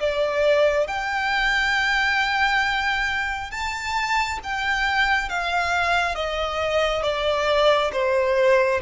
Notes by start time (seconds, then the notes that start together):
0.00 D5
0.87 G5
3.51 A5
4.44 G5
5.29 F5
6.15 D#5
7.03 D5
7.93 C5